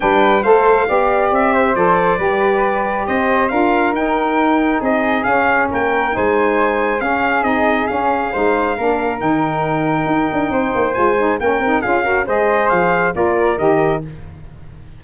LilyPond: <<
  \new Staff \with { instrumentName = "trumpet" } { \time 4/4 \tempo 4 = 137 g''4 f''2 e''4 | d''2. dis''4 | f''4 g''2 dis''4 | f''4 g''4 gis''2 |
f''4 dis''4 f''2~ | f''4 g''2.~ | g''4 gis''4 g''4 f''4 | dis''4 f''4 d''4 dis''4 | }
  \new Staff \with { instrumentName = "flute" } { \time 4/4 b'4 c''4 d''4. c''8~ | c''4 b'2 c''4 | ais'2. gis'4~ | gis'4 ais'4 c''2 |
gis'2. c''4 | ais'1 | c''2 ais'4 gis'8 ais'8 | c''2 ais'2 | }
  \new Staff \with { instrumentName = "saxophone" } { \time 4/4 d'4 a'4 g'2 | a'4 g'2. | f'4 dis'2. | cis'2 dis'2 |
cis'4 dis'4 cis'4 dis'4 | d'4 dis'2.~ | dis'4 f'8 dis'8 cis'8 dis'8 f'8 fis'8 | gis'2 f'4 g'4 | }
  \new Staff \with { instrumentName = "tuba" } { \time 4/4 g4 a4 b4 c'4 | f4 g2 c'4 | d'4 dis'2 c'4 | cis'4 ais4 gis2 |
cis'4 c'4 cis'4 gis4 | ais4 dis2 dis'8 d'8 | c'8 ais8 gis4 ais8 c'8 cis'4 | gis4 f4 ais4 dis4 | }
>>